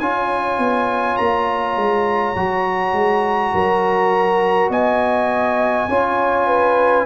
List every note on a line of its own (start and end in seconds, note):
0.00 0.58 C#4
0.00 2.36 F4
0.00 3.54 C#5
0.00 1.17 G#5
0.58 1.17 B3
1.17 1.77 A#3
1.17 4.70 A#5
1.77 2.36 G#3
2.36 2.93 F#3
2.36 5.89 F#4
2.93 3.52 G#3
3.54 4.70 F#3
3.54 4.71 A#4
4.70 5.87 B3
4.70 5.89 D#5
4.70 7.07 G#5
5.88 7.06 C#4
5.88 7.07 F4
5.88 6.47 C#5
6.47 7.06 B4